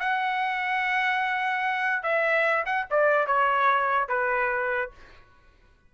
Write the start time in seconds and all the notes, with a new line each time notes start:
0.00 F#5
2.03 E5
2.66 F#5
2.91 D5
3.27 C#5
4.09 B4